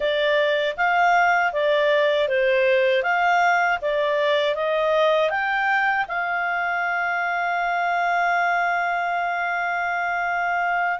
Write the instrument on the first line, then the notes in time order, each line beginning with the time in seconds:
clarinet
0.00 D5
0.76 F5
1.53 D5
2.28 C5
3.02 F5
3.81 D5
4.55 D#5
5.30 G5
6.08 F5